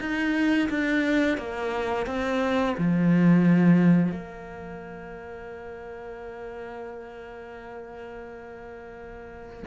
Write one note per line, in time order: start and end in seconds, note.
0.00 0.69 D#4
0.69 1.38 D4
1.38 2.06 A#3
2.06 2.75 C4
2.77 4.11 F3
4.11 9.63 A#3